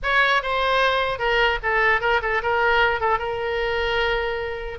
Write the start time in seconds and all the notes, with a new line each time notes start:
0.03 C#5
0.42 C5
1.19 A#4
1.62 A4
2.01 A#4
2.21 A4
2.42 A#4
3.00 A4
3.19 A#4